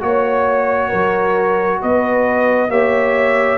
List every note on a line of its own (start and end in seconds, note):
0.00 0.91 A#3
0.00 2.69 F#4
0.00 1.81 C#5
0.00 0.88 C#5
0.88 1.82 F#3
0.88 1.78 A#4
1.81 2.68 B3
1.81 2.70 B4
1.81 2.70 D#5
2.68 3.58 A#3
2.68 3.58 G4
2.68 3.58 C#5
2.68 3.58 E5